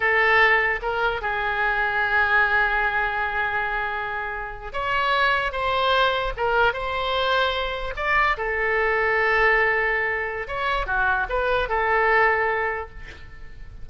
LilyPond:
\new Staff \with { instrumentName = "oboe" } { \time 4/4 \tempo 4 = 149 a'2 ais'4 gis'4~ | gis'1~ | gis'2.~ gis'8. cis''16~ | cis''4.~ cis''16 c''2 ais'16~ |
ais'8. c''2. d''16~ | d''8. a'2.~ a'16~ | a'2 cis''4 fis'4 | b'4 a'2. | }